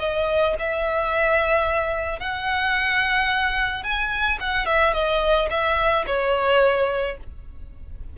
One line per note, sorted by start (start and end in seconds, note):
0.00 0.55 D#5
0.60 2.20 E5
2.20 3.84 F#5
3.84 4.39 G#5
4.41 4.66 F#5
4.66 4.94 E5
4.94 5.49 D#5
5.50 6.06 E5
6.07 7.17 C#5